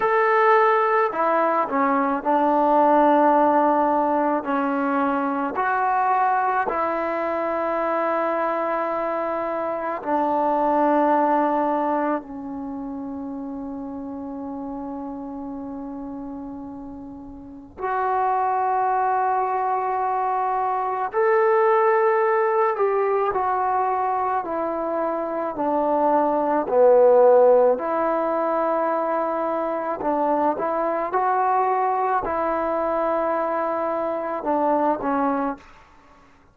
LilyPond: \new Staff \with { instrumentName = "trombone" } { \time 4/4 \tempo 4 = 54 a'4 e'8 cis'8 d'2 | cis'4 fis'4 e'2~ | e'4 d'2 cis'4~ | cis'1 |
fis'2. a'4~ | a'8 g'8 fis'4 e'4 d'4 | b4 e'2 d'8 e'8 | fis'4 e'2 d'8 cis'8 | }